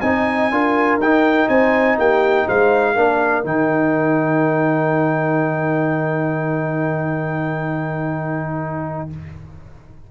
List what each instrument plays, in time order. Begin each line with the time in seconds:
0.00 tuba C4, trombone D#4, horn D#5, trumpet G#5
0.51 tuba D4, trombone F4, horn A#4
0.98 tuba D#4, trombone D#4, trumpet G5
1.48 tuba C4, horn C5, trumpet G#5
1.98 tuba A#3, horn G4, trumpet G5
2.46 tuba G#3, horn C5, trumpet F5
2.94 tuba A#3, trombone D4, horn A#4
3.44 tuba D#3, trombone D#4, trumpet G5